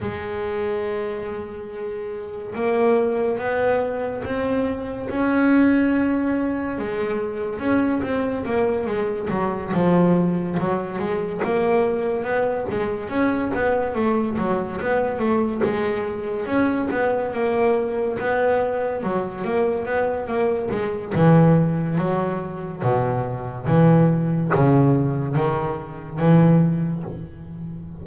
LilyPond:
\new Staff \with { instrumentName = "double bass" } { \time 4/4 \tempo 4 = 71 gis2. ais4 | b4 c'4 cis'2 | gis4 cis'8 c'8 ais8 gis8 fis8 f8~ | f8 fis8 gis8 ais4 b8 gis8 cis'8 |
b8 a8 fis8 b8 a8 gis4 cis'8 | b8 ais4 b4 fis8 ais8 b8 | ais8 gis8 e4 fis4 b,4 | e4 cis4 dis4 e4 | }